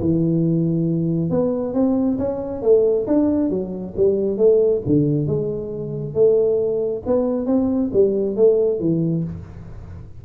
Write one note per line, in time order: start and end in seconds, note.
0.00 1.30 E3
1.30 1.74 B3
1.74 2.18 C4
2.18 2.62 C#4
2.62 3.06 A3
3.07 3.50 D4
3.50 3.94 F#3
3.97 4.38 G3
4.38 4.82 A3
4.86 5.27 D3
5.27 6.14 G#3
6.14 7.02 A3
7.06 7.46 B3
7.46 7.91 C4
7.93 8.36 G3
8.36 8.80 A3
8.80 9.24 E3